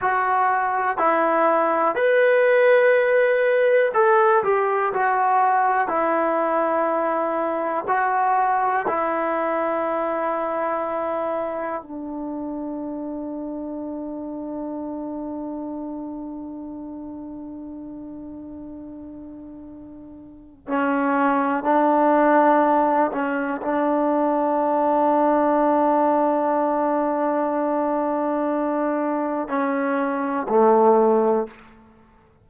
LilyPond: \new Staff \with { instrumentName = "trombone" } { \time 4/4 \tempo 4 = 61 fis'4 e'4 b'2 | a'8 g'8 fis'4 e'2 | fis'4 e'2. | d'1~ |
d'1~ | d'4 cis'4 d'4. cis'8 | d'1~ | d'2 cis'4 a4 | }